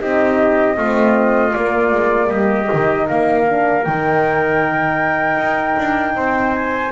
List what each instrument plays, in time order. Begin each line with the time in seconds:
0.00 double bass C4, horn D#4, trumpet G4, flute D#5
0.77 double bass A3, horn C4, trumpet F4
1.52 horn A#3, double bass A#3, flute D5
1.92 double bass G#3
2.30 double bass G3, trumpet G4, flute D#5
2.69 double bass D#3, horn D#4
3.07 double bass A#3, trumpet A#4, flute F5
3.46 horn D4
3.84 double bass D#3, horn D#4, flute G5
5.37 double bass D#4
5.79 double bass D4
6.15 double bass C4, trumpet C5
6.53 flute G#5